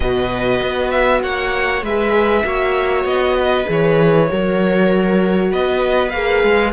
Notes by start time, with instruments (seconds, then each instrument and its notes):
0.00 cello B2, horn F#4, viola B4, violin D#5
0.62 cello B3
0.90 violin E5
1.22 cello A#3, viola C#5, violin F#5
1.82 cello G#3, horn G#4, viola B4, violin E5
2.44 cello A#3, horn F#4, viola C#5
3.04 cello B3, violin D#5
3.37 viola B4
3.65 cello E3, horn G#4
3.71 violin C#5
4.29 cello F#3, horn F#4, viola A#4
5.51 cello B3, viola B4, violin D#5
6.09 cello A#3, horn G#4, violin F5
6.43 cello G#3